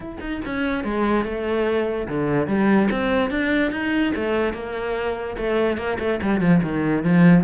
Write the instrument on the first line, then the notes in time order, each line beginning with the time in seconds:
cello
0.00 E4
0.20 D#4
0.45 C#4
0.84 G#3
1.24 A3
2.08 D3
2.47 G3
2.90 C4
3.30 D4
3.71 D#4
4.15 A3
4.53 A#3
5.37 A3
5.77 A#3
5.99 A3
6.22 G3
6.40 F3
6.62 D#3
7.03 F3